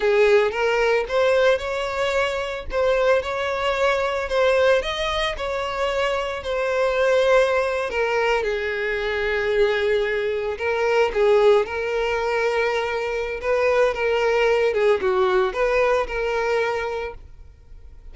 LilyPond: \new Staff \with { instrumentName = "violin" } { \time 4/4 \tempo 4 = 112 gis'4 ais'4 c''4 cis''4~ | cis''4 c''4 cis''2 | c''4 dis''4 cis''2 | c''2~ c''8. ais'4 gis'16~ |
gis'2.~ gis'8. ais'16~ | ais'8. gis'4 ais'2~ ais'16~ | ais'4 b'4 ais'4. gis'8 | fis'4 b'4 ais'2 | }